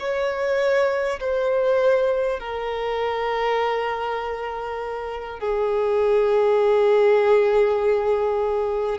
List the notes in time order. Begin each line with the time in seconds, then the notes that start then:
0.00 C#5
1.21 C5
2.40 A#4
5.40 G#4